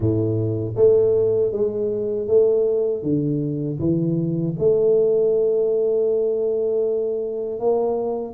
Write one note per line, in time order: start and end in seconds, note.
0.00 0.74 A2
0.76 1.52 A3
1.52 2.27 G#3
2.27 3.02 A3
3.02 3.78 D3
3.79 4.55 E3
4.58 7.59 A3
7.59 8.33 A#3